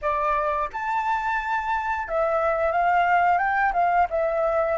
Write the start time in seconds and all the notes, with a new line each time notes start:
0.01 D5
0.73 A5
2.08 E5
2.72 F5
3.38 G5
3.73 F5
4.10 E5